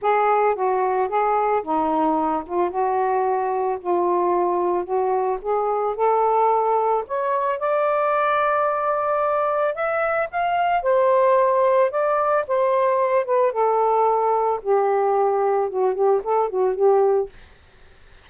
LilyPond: \new Staff \with { instrumentName = "saxophone" } { \time 4/4 \tempo 4 = 111 gis'4 fis'4 gis'4 dis'4~ | dis'8 f'8 fis'2 f'4~ | f'4 fis'4 gis'4 a'4~ | a'4 cis''4 d''2~ |
d''2 e''4 f''4 | c''2 d''4 c''4~ | c''8 b'8 a'2 g'4~ | g'4 fis'8 g'8 a'8 fis'8 g'4 | }